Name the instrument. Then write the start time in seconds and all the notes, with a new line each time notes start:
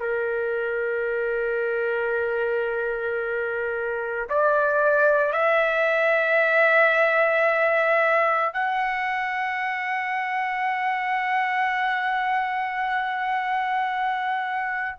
trumpet
0.00 A#4
4.30 D5
5.33 E5
8.54 F#5